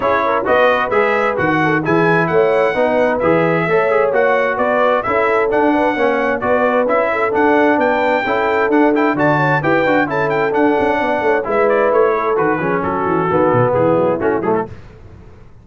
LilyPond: <<
  \new Staff \with { instrumentName = "trumpet" } { \time 4/4 \tempo 4 = 131 cis''4 dis''4 e''4 fis''4 | gis''4 fis''2 e''4~ | e''4 fis''4 d''4 e''4 | fis''2 d''4 e''4 |
fis''4 g''2 fis''8 g''8 | a''4 g''4 a''8 g''8 fis''4~ | fis''4 e''8 d''8 cis''4 b'4 | a'2 gis'4 fis'8 gis'16 a'16 | }
  \new Staff \with { instrumentName = "horn" } { \time 4/4 gis'8 ais'8 b'2~ b'8 a'8 | gis'4 cis''4 b'2 | cis''2 b'4 a'4~ | a'8 b'8 cis''4 b'4. a'8~ |
a'4 b'4 a'2 | d''8 cis''8 b'4 a'2 | d''8 cis''8 b'4. a'4 gis'8 | fis'2 e'2 | }
  \new Staff \with { instrumentName = "trombone" } { \time 4/4 e'4 fis'4 gis'4 fis'4 | e'2 dis'4 gis'4 | a'8 gis'8 fis'2 e'4 | d'4 cis'4 fis'4 e'4 |
d'2 e'4 d'8 e'8 | fis'4 g'8 fis'8 e'4 d'4~ | d'4 e'2 fis'8 cis'8~ | cis'4 b2 cis'8 a8 | }
  \new Staff \with { instrumentName = "tuba" } { \time 4/4 cis'4 b4 gis4 dis4 | e4 a4 b4 e4 | a4 ais4 b4 cis'4 | d'4 ais4 b4 cis'4 |
d'4 b4 cis'4 d'4 | d4 e'8 d'8 cis'4 d'8 cis'8 | b8 a8 gis4 a4 dis8 f8 | fis8 e8 dis8 b,8 e8 fis8 a8 fis8 | }
>>